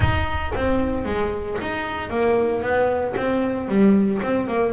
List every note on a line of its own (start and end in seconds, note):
0.00 0.52 D#4
0.55 1.05 C4
1.05 1.57 G#3
1.61 2.10 D#4
2.10 2.61 A#3
2.61 3.14 B3
3.16 3.68 C4
3.68 4.21 G3
4.22 4.47 C4
4.47 4.72 A#3